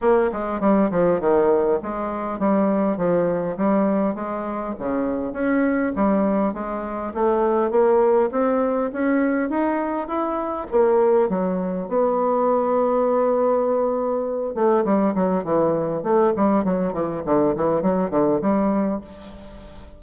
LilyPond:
\new Staff \with { instrumentName = "bassoon" } { \time 4/4 \tempo 4 = 101 ais8 gis8 g8 f8 dis4 gis4 | g4 f4 g4 gis4 | cis4 cis'4 g4 gis4 | a4 ais4 c'4 cis'4 |
dis'4 e'4 ais4 fis4 | b1~ | b8 a8 g8 fis8 e4 a8 g8 | fis8 e8 d8 e8 fis8 d8 g4 | }